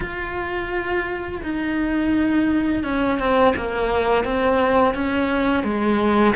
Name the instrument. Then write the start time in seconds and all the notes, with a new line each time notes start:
cello
0.00 F4
1.43 D#4
2.83 C#4
3.18 C4
3.56 A#3
4.24 C4
4.94 C#4
5.63 G#3